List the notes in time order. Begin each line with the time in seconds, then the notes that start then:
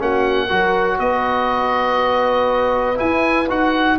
0.00 A#3 C#4 F#4 F#5
0.47 F#3 F#4 A#4
0.99 B3 B4 D#5
2.96 E4 G#5
3.49 D#4 F#4 F#5